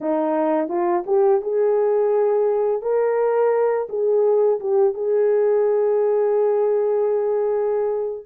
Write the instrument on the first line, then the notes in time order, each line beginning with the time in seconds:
horn
0.00 D#4
0.68 F4
1.06 G4
1.41 G#4
2.81 A#4
3.89 G#4
4.59 G4
4.93 G#4